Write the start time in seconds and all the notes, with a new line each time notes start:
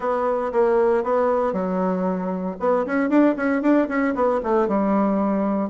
0.00 B3
0.52 A#3
1.03 B3
1.52 F#3
2.59 B3
2.86 C#4
3.09 D4
3.36 C#4
3.62 D4
3.88 C#4
4.14 B3
4.43 A3
4.68 G3